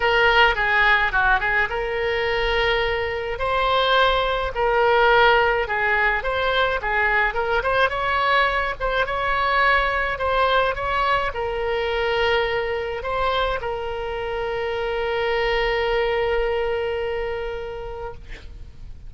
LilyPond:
\new Staff \with { instrumentName = "oboe" } { \time 4/4 \tempo 4 = 106 ais'4 gis'4 fis'8 gis'8 ais'4~ | ais'2 c''2 | ais'2 gis'4 c''4 | gis'4 ais'8 c''8 cis''4. c''8 |
cis''2 c''4 cis''4 | ais'2. c''4 | ais'1~ | ais'1 | }